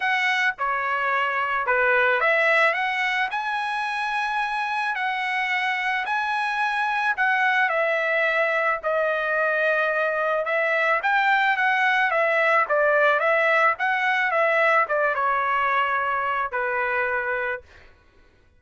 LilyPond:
\new Staff \with { instrumentName = "trumpet" } { \time 4/4 \tempo 4 = 109 fis''4 cis''2 b'4 | e''4 fis''4 gis''2~ | gis''4 fis''2 gis''4~ | gis''4 fis''4 e''2 |
dis''2. e''4 | g''4 fis''4 e''4 d''4 | e''4 fis''4 e''4 d''8 cis''8~ | cis''2 b'2 | }